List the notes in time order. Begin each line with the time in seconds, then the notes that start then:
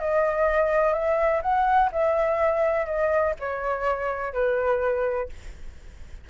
0.00 D#5
0.94 E5
1.42 F#5
1.92 E5
2.86 D#5
3.40 C#5
4.34 B4